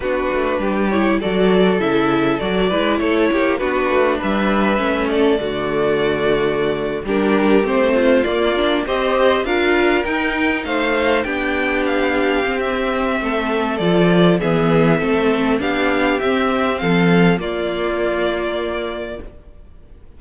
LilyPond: <<
  \new Staff \with { instrumentName = "violin" } { \time 4/4 \tempo 4 = 100 b'4. cis''8 d''4 e''4 | d''4 cis''4 b'4 e''4~ | e''8 d''2.~ d''16 ais'16~ | ais'8. c''4 d''4 dis''4 f''16~ |
f''8. g''4 f''4 g''4 f''16~ | f''4 e''2 d''4 | e''2 f''4 e''4 | f''4 d''2. | }
  \new Staff \with { instrumentName = "violin" } { \time 4/4 fis'4 g'4 a'2~ | a'8 b'8 a'8 g'8 fis'4 b'4~ | b'8 a'8 fis'2~ fis'8. g'16~ | g'4~ g'16 f'4. c''4 ais'16~ |
ais'4.~ ais'16 c''4 g'4~ g'16~ | g'2 a'2 | gis'4 a'4 g'2 | a'4 f'2. | }
  \new Staff \with { instrumentName = "viola" } { \time 4/4 d'4. e'8 fis'4 e'4 | fis'8 e'4. d'2 | cis'4 a2~ a8. d'16~ | d'8. c'4 ais8 d'8 g'4 f'16~ |
f'8. dis'2 d'4~ d'16~ | d'8. c'2~ c'16 f'4 | b4 c'4 d'4 c'4~ | c'4 ais2. | }
  \new Staff \with { instrumentName = "cello" } { \time 4/4 b8 a8 g4 fis4 cis4 | fis8 gis8 a8 ais8 b8 a8 g4 | a4 d2~ d8. g16~ | g8. a4 ais4 c'4 d'16~ |
d'8. dis'4 a4 b4~ b16~ | b8. c'4~ c'16 a4 f4 | e4 a4 b4 c'4 | f4 ais2. | }
>>